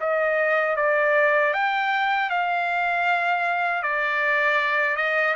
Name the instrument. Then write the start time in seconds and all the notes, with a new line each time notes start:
trumpet
0.00 D#5
0.76 D5
1.53 G5
2.30 F5
3.82 D5
4.96 D#5